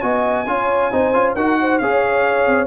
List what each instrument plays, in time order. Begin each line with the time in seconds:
0.00 tuba B3, trombone F#4, horn D#5, trumpet G#5
0.47 tuba C#4, trombone F4, horn C#5
0.92 tuba C4, trombone D#4, horn C5
1.14 tuba C#4, trombone F4
1.36 tuba D#4, trombone F#4, horn A#4, trumpet F#5
1.61 horn C5
1.79 tuba C#4, trombone G#4, horn C#5, trumpet F5
2.47 tuba C4